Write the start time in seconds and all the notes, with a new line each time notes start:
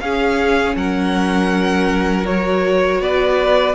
0.00 C#4 G#4 F5
0.76 F#3 A#4 F#5
2.25 F#4 C#5
3.00 B3 B4 D5